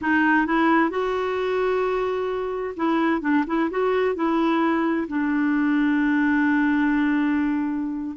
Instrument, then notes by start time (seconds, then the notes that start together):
clarinet
0.01 D#4
0.46 E4
0.90 F#4
2.76 E4
3.21 D4
3.47 E4
3.70 F#4
4.15 E4
5.08 D4